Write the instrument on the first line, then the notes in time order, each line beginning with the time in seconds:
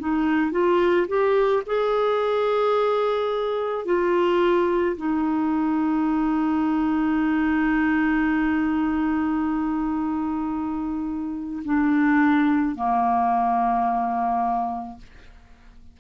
clarinet
0.00 D#4
0.52 F4
1.08 G4
1.67 G#4
3.86 F4
4.97 D#4
11.65 D4
12.76 A#3